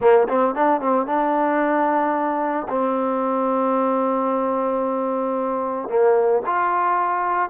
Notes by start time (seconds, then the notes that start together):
0.00 A#3
0.28 C4
0.54 D4
0.80 C4
1.06 D4
2.68 C4
5.89 A#3
6.46 F4